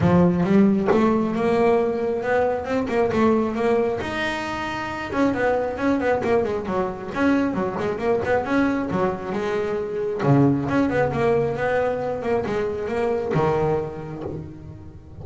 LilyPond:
\new Staff \with { instrumentName = "double bass" } { \time 4/4 \tempo 4 = 135 f4 g4 a4 ais4~ | ais4 b4 c'8 ais8 a4 | ais4 dis'2~ dis'8 cis'8 | b4 cis'8 b8 ais8 gis8 fis4 |
cis'4 fis8 gis8 ais8 b8 cis'4 | fis4 gis2 cis4 | cis'8 b8 ais4 b4. ais8 | gis4 ais4 dis2 | }